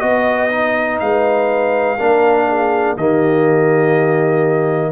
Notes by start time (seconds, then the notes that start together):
0.00 B3 F#4 D#5
0.51 D#4
1.00 G#3 B4 F5
1.98 A#3 D4 A#4
2.48 G#4
2.97 D#3 A#3 G4 D#5